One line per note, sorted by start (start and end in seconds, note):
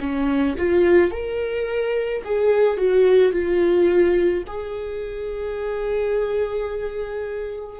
0.00 0.56 C#4
0.58 1.11 F4
1.11 2.22 A#4
2.24 2.77 G#4
2.77 3.32 F#4
3.32 4.43 F4
4.47 7.80 G#4